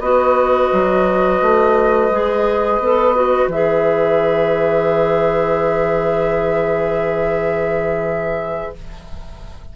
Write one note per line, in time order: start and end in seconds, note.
0.00 0.70 B3
0.00 2.12 F#4
0.00 8.73 B4
0.00 3.49 D#5
0.73 1.42 F#3
1.42 2.11 A3
2.11 2.80 G#3
2.11 2.82 G#4
2.80 3.48 B3
2.80 3.15 A4
3.15 3.50 F#4
3.48 8.71 E3
3.48 8.76 G#4
3.48 8.74 E5